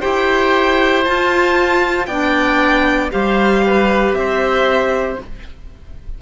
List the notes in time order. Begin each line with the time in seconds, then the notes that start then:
0.00 E4 G4 C5 G5
1.04 F4 A5
2.06 B3 D4 D5 G5
3.11 G3 G4 C5 F5
3.66 B4
4.12 C4 C5 E5